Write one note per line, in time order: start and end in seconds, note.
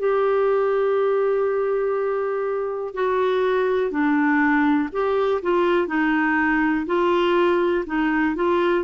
0.00 2.95 G4
2.95 3.91 F#4
3.91 4.90 D4
4.93 5.42 G4
5.43 5.88 F4
5.88 6.86 D#4
6.87 7.85 F4
7.87 8.36 D#4
8.36 8.85 F4